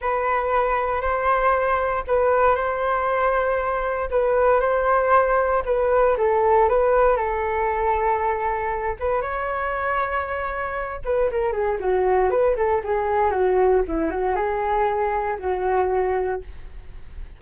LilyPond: \new Staff \with { instrumentName = "flute" } { \time 4/4 \tempo 4 = 117 b'2 c''2 | b'4 c''2. | b'4 c''2 b'4 | a'4 b'4 a'2~ |
a'4. b'8 cis''2~ | cis''4. b'8 ais'8 gis'8 fis'4 | b'8 a'8 gis'4 fis'4 e'8 fis'8 | gis'2 fis'2 | }